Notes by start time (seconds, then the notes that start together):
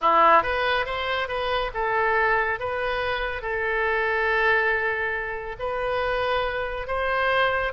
0.01 E4
0.42 B4
0.85 C5
1.28 B4
1.74 A4
2.59 B4
3.41 A4
5.59 B4
6.87 C5